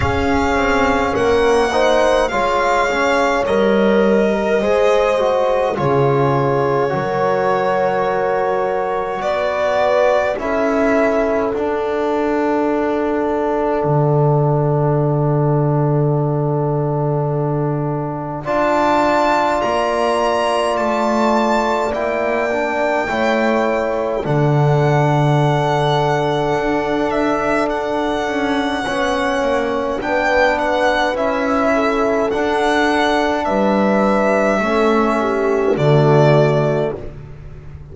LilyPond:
<<
  \new Staff \with { instrumentName = "violin" } { \time 4/4 \tempo 4 = 52 f''4 fis''4 f''4 dis''4~ | dis''4 cis''2. | d''4 e''4 fis''2~ | fis''1 |
a''4 ais''4 a''4 g''4~ | g''4 fis''2~ fis''8 e''8 | fis''2 g''8 fis''8 e''4 | fis''4 e''2 d''4 | }
  \new Staff \with { instrumentName = "horn" } { \time 4/4 gis'4 ais'8 c''8 cis''4.~ cis''16 ais'16 | c''4 gis'4 ais'2 | b'4 a'2.~ | a'1 |
d''1 | cis''4 a'2.~ | a'4 cis''4 b'4. a'8~ | a'4 b'4 a'8 g'8 fis'4 | }
  \new Staff \with { instrumentName = "trombone" } { \time 4/4 cis'4. dis'8 f'8 cis'8 ais'4 | gis'8 fis'8 f'4 fis'2~ | fis'4 e'4 d'2~ | d'1 |
f'2. e'8 d'8 | e'4 d'2.~ | d'4 cis'4 d'4 e'4 | d'2 cis'4 a4 | }
  \new Staff \with { instrumentName = "double bass" } { \time 4/4 cis'8 c'8 ais4 gis4 g4 | gis4 cis4 fis2 | b4 cis'4 d'2 | d1 |
d'4 ais4 a4 ais4 | a4 d2 d'4~ | d'8 cis'8 b8 ais8 b4 cis'4 | d'4 g4 a4 d4 | }
>>